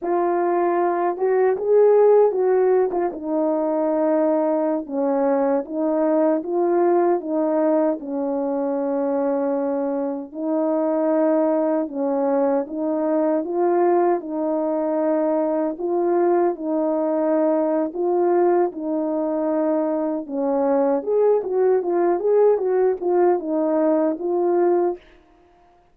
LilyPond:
\new Staff \with { instrumentName = "horn" } { \time 4/4 \tempo 4 = 77 f'4. fis'8 gis'4 fis'8. f'16 | dis'2~ dis'16 cis'4 dis'8.~ | dis'16 f'4 dis'4 cis'4.~ cis'16~ | cis'4~ cis'16 dis'2 cis'8.~ |
cis'16 dis'4 f'4 dis'4.~ dis'16~ | dis'16 f'4 dis'4.~ dis'16 f'4 | dis'2 cis'4 gis'8 fis'8 | f'8 gis'8 fis'8 f'8 dis'4 f'4 | }